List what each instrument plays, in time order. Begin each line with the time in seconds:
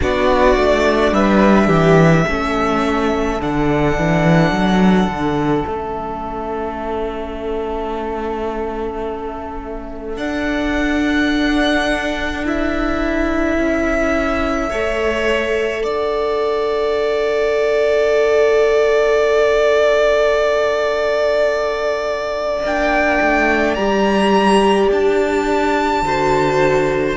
0.00 cello B3, viola D4, violin F#4 D5
0.56 cello A3
1.12 cello G3, violin B4 E5
1.67 cello E3, violin G4
2.27 cello A3, viola C#4, violin A4
3.39 cello D3, viola D4, violin F#5
3.97 cello E3
4.51 cello F#3
5.07 cello D3
5.66 cello A3, viola C#4, violin E5
10.17 viola D4, cello D4, violin F#5
12.44 viola E4, violin E5
13.57 cello C#4
14.69 cello A3, viola A4, violin C#5
15.83 cello D4, violin D5 F#5
22.63 cello A#3, viola D4, violin G5
23.21 cello A3
23.75 cello G3, viola G4, violin A#5
24.91 cello D4, violin A5
26.02 cello D3, viola F#4, violin C5